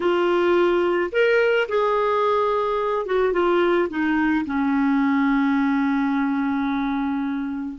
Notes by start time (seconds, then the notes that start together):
0.00 F4
1.11 A#4
1.68 G#4
3.06 F#4
3.32 F4
3.89 D#4
4.45 C#4